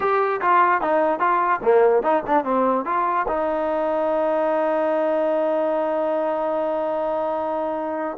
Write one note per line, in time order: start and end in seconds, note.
0.00 0.40 G4
0.41 0.81 F4
0.81 1.19 D#4
1.19 1.60 F4
1.62 2.02 A#3
2.02 2.23 D#4
2.26 2.44 D4
2.44 2.85 C4
2.85 3.26 F4
3.28 8.17 D#4